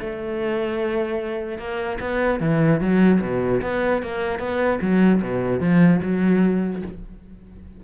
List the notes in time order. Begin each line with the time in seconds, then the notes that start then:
0.00 A3
1.58 A#3
2.00 B3
2.40 E3
2.80 F#3
3.21 B2
3.62 B3
4.02 A#3
4.39 B3
4.81 F#3
5.22 B2
5.60 F3
6.02 F#3